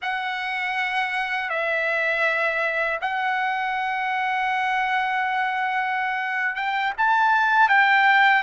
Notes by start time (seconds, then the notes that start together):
0.01 F#5
1.49 E5
3.01 F#5
6.55 G5
6.97 A5
7.69 G5